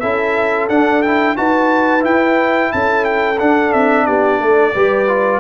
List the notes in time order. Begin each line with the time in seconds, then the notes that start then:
0.00 C#4 E4 A4 E5
0.69 D4 F#5
1.02 E4 G5
1.36 D#4 F#4 B4 A5
2.00 E4 G5
2.72 C#4 A4 A5
3.05 G5
3.39 D4 F#5
3.73 C4 E5
4.06 B3 G4 D5
4.40 A3 A4
4.74 G3 G4 B4
5.08 F4